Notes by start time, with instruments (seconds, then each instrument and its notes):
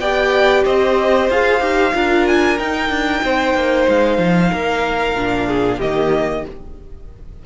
0.00 cello B3, viola G4, violin D5 G5
0.65 cello C4, violin C5 D#5
1.30 cello F4, viola G#4, violin F5
1.61 cello D#4, viola G4
1.94 cello D4, viola F4, violin A#4
2.28 violin G#5
2.59 cello D#4, viola D#4, violin G5
2.90 cello D4
3.24 cello C4, violin C5
3.55 cello A#3
3.88 cello G#3, violin F5
4.19 cello F3
4.51 cello A#3, violin A#4
5.15 cello A#2, viola D4
5.47 violin G#4
5.78 cello D#3, viola A#3, violin G4 D#5